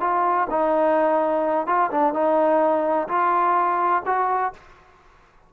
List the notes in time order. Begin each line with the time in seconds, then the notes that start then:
0.00 F4
0.50 D#4
1.67 F4
1.91 D4
2.13 D#4
3.08 F4
4.06 F#4